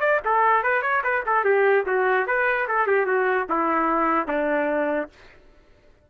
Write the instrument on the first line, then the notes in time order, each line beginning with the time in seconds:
trumpet
0.00 D5
0.25 A4
0.63 B4
0.82 C#5
1.04 B4
1.26 A4
1.44 G4
1.86 F#4
2.27 B4
2.68 A4
2.87 G4
3.06 F#4
3.49 E4
4.27 D4